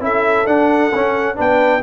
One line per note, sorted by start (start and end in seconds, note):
0.00 0.46 C#4
0.00 0.45 E4
0.00 1.35 A4
0.00 0.46 E5
0.45 0.91 D4
0.45 1.37 F#5
0.93 1.38 C#4
0.93 1.35 C#4
1.35 1.83 B3
1.35 1.80 D4
1.35 1.80 B4
1.35 1.83 G5